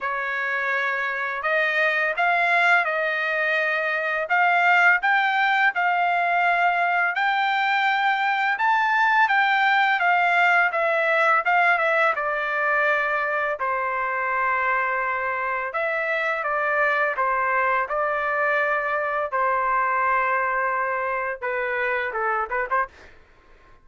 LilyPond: \new Staff \with { instrumentName = "trumpet" } { \time 4/4 \tempo 4 = 84 cis''2 dis''4 f''4 | dis''2 f''4 g''4 | f''2 g''2 | a''4 g''4 f''4 e''4 |
f''8 e''8 d''2 c''4~ | c''2 e''4 d''4 | c''4 d''2 c''4~ | c''2 b'4 a'8 b'16 c''16 | }